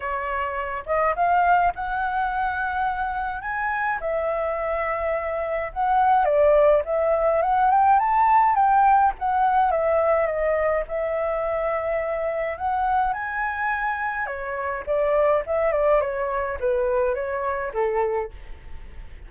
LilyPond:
\new Staff \with { instrumentName = "flute" } { \time 4/4 \tempo 4 = 105 cis''4. dis''8 f''4 fis''4~ | fis''2 gis''4 e''4~ | e''2 fis''4 d''4 | e''4 fis''8 g''8 a''4 g''4 |
fis''4 e''4 dis''4 e''4~ | e''2 fis''4 gis''4~ | gis''4 cis''4 d''4 e''8 d''8 | cis''4 b'4 cis''4 a'4 | }